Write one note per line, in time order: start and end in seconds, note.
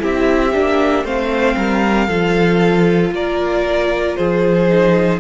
0.00 0.55 C4
0.00 0.52 E4
0.00 1.05 G4
0.00 1.07 E5
0.54 1.04 A#3
0.54 1.05 D4
1.04 1.56 A3
1.04 2.09 C4
1.04 1.56 C5
1.04 3.14 F5
1.57 2.08 G3
1.57 2.08 A#4
2.08 3.12 F3
2.08 4.69 F4
2.08 3.12 A4
3.12 4.16 A#3
3.12 4.18 A#4
3.12 4.17 D5
4.17 5.20 F3
4.17 5.20 G#4
4.17 5.20 C5
4.69 5.20 D#4